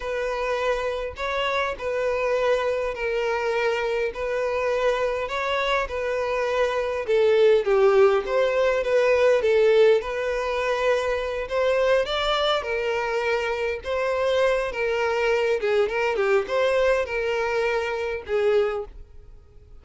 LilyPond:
\new Staff \with { instrumentName = "violin" } { \time 4/4 \tempo 4 = 102 b'2 cis''4 b'4~ | b'4 ais'2 b'4~ | b'4 cis''4 b'2 | a'4 g'4 c''4 b'4 |
a'4 b'2~ b'8 c''8~ | c''8 d''4 ais'2 c''8~ | c''4 ais'4. gis'8 ais'8 g'8 | c''4 ais'2 gis'4 | }